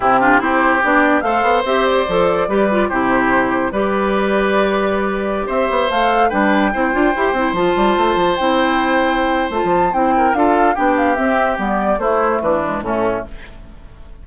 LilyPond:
<<
  \new Staff \with { instrumentName = "flute" } { \time 4/4 \tempo 4 = 145 g'4 c''4 d''4 f''4 | e''8 d''2~ d''8 c''4~ | c''4 d''2.~ | d''4~ d''16 e''4 f''4 g''8.~ |
g''2~ g''16 a''4.~ a''16~ | a''16 g''2~ g''8. a''4 | g''4 f''4 g''8 f''8 e''4 | d''4 c''4 b'4 a'4 | }
  \new Staff \with { instrumentName = "oboe" } { \time 4/4 e'8 f'8 g'2 c''4~ | c''2 b'4 g'4~ | g'4 b'2.~ | b'4~ b'16 c''2 b'8.~ |
b'16 c''2.~ c''8.~ | c''1~ | c''8 ais'8 a'4 g'2~ | g'4 e'4 d'4 cis'4 | }
  \new Staff \with { instrumentName = "clarinet" } { \time 4/4 c'8 d'8 e'4 d'4 a'4 | g'4 a'4 g'8 f'8 e'4~ | e'4 g'2.~ | g'2~ g'16 a'4 d'8.~ |
d'16 e'8 f'8 g'8 e'8 f'4.~ f'16~ | f'16 e'2~ e'8. f'4 | e'4 f'4 d'4 c'4 | b4 a4. gis8 a4 | }
  \new Staff \with { instrumentName = "bassoon" } { \time 4/4 c4 c'4 b4 a8 b8 | c'4 f4 g4 c4~ | c4 g2.~ | g4~ g16 c'8 b8 a4 g8.~ |
g16 c'8 d'8 e'8 c'8 f8 g8 a8 f16~ | f16 c'2~ c'8. a16 f8. | c'4 d'4 b4 c'4 | g4 a4 e4 a,4 | }
>>